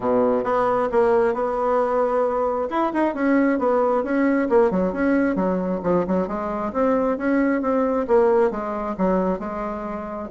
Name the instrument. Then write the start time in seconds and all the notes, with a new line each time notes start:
bassoon
0.00 B2
0.44 B3
0.91 A#3
1.34 B3
2.69 E4
2.93 D#4
3.14 C#4
3.58 B3
4.03 C#4
4.49 A#3
4.70 F#3
4.92 C#4
5.35 F#3
5.83 F3
6.07 F#3
6.27 G#3
6.72 C4
7.17 C#4
7.61 C4
8.07 A#3
8.51 G#3
8.97 F#3
9.39 G#3